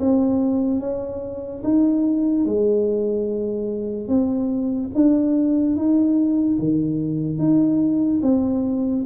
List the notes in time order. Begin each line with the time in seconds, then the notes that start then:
0.00 C4
0.80 C#4
1.64 D#4
2.45 G#3
4.08 C4
4.95 D4
5.76 D#4
6.59 D#3
7.39 D#4
8.23 C4